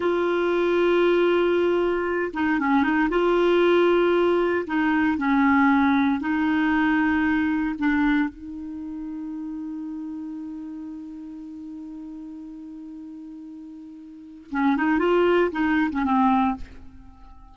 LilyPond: \new Staff \with { instrumentName = "clarinet" } { \time 4/4 \tempo 4 = 116 f'1~ | f'8 dis'8 cis'8 dis'8 f'2~ | f'4 dis'4 cis'2 | dis'2. d'4 |
dis'1~ | dis'1~ | dis'1 | cis'8 dis'8 f'4 dis'8. cis'16 c'4 | }